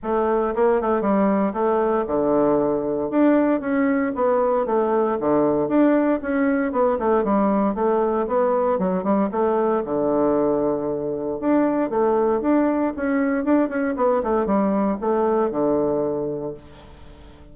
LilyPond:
\new Staff \with { instrumentName = "bassoon" } { \time 4/4 \tempo 4 = 116 a4 ais8 a8 g4 a4 | d2 d'4 cis'4 | b4 a4 d4 d'4 | cis'4 b8 a8 g4 a4 |
b4 fis8 g8 a4 d4~ | d2 d'4 a4 | d'4 cis'4 d'8 cis'8 b8 a8 | g4 a4 d2 | }